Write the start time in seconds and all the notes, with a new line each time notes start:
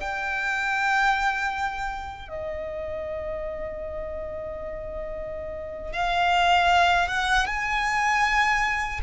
0.00 G5
2.28 D#5
5.92 F5
7.08 F#5
7.46 G#5